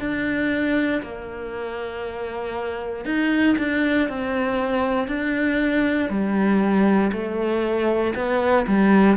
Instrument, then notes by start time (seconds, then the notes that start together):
cello
0.00 D4
1.03 A#3
3.05 D#4
3.58 D4
4.09 C4
5.08 D4
6.10 G3
7.13 A3
8.15 B3
8.68 G3